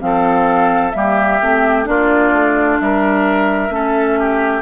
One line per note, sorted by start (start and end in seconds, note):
0.00 0.93 F3
0.00 0.92 C4
0.00 0.96 A4
0.00 0.91 F5
0.91 1.40 G3
0.91 1.39 A#3
0.91 1.88 G4
0.91 1.83 E5
1.41 1.87 A3
1.41 1.84 C4
1.84 2.31 A#3
1.84 3.68 D4
1.84 2.81 F4
1.84 2.78 D5
2.31 2.77 A3
2.79 3.69 G3
2.79 3.74 A#4
2.79 4.62 E5
3.69 4.61 A3
3.69 4.62 C#4
3.69 4.19 A4
4.19 4.62 G4